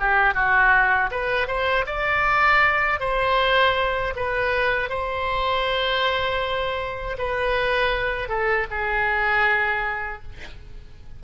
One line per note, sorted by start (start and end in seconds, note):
0.00 0.35 G4
0.35 1.10 F#4
1.11 1.47 B4
1.47 1.85 C5
1.86 3.00 D5
3.00 4.14 C5
4.16 4.90 B4
4.90 7.17 C5
7.18 8.29 B4
8.29 8.67 A4
8.71 10.23 G#4